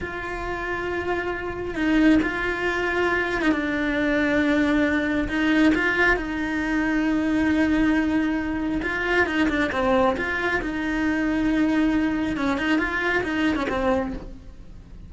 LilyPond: \new Staff \with { instrumentName = "cello" } { \time 4/4 \tempo 4 = 136 f'1 | dis'4 f'2~ f'8. dis'16 | d'1 | dis'4 f'4 dis'2~ |
dis'1 | f'4 dis'8 d'8 c'4 f'4 | dis'1 | cis'8 dis'8 f'4 dis'8. cis'16 c'4 | }